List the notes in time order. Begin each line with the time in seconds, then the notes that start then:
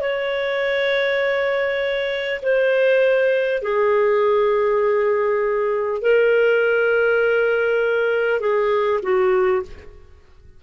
0.00 C#5
2.42 C5
3.62 G#4
6.01 A#4
8.40 G#4
9.02 F#4